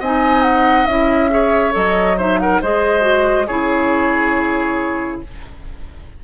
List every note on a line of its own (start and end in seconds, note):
0.00 0.87 C4
0.00 0.89 D#4
0.00 1.30 D#5
0.00 0.43 G#5
0.43 0.86 F#5
0.86 1.74 C#4
0.86 1.30 E4
0.86 1.73 E5
1.30 1.72 G#4
1.30 2.18 C#5
1.72 2.62 F#3
1.72 2.15 A4
1.72 2.19 D#5
2.18 2.63 D#4
2.18 2.39 C5
2.18 2.40 E5
2.40 2.62 A#4
2.40 2.62 F#5
2.62 3.49 G#3
2.62 3.01 G#4
2.62 3.47 C5
2.62 3.47 D#5
3.01 3.44 F#4
3.47 5.22 C#3
3.47 5.24 E4
3.47 5.21 G#4
3.47 5.21 C#5